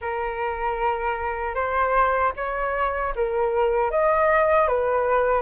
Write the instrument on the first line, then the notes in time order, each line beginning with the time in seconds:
flute
0.01 A#4
1.54 C5
2.36 C#5
3.15 A#4
3.90 D#5
4.68 B4